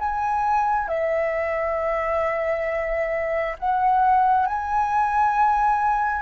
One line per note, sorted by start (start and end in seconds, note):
0.00 0.88 G#5
0.88 3.57 E5
3.59 4.47 F#5
4.47 6.23 G#5